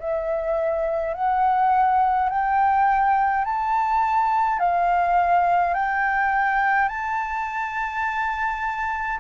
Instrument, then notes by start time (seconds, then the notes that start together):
flute
0.00 E5
1.14 F#5
2.30 G5
3.45 A5
4.59 F5
5.74 G5
6.89 A5